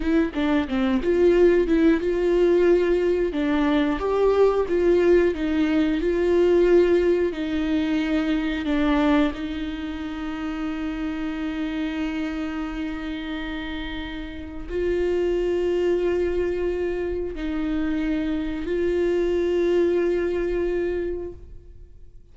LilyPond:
\new Staff \with { instrumentName = "viola" } { \time 4/4 \tempo 4 = 90 e'8 d'8 c'8 f'4 e'8 f'4~ | f'4 d'4 g'4 f'4 | dis'4 f'2 dis'4~ | dis'4 d'4 dis'2~ |
dis'1~ | dis'2 f'2~ | f'2 dis'2 | f'1 | }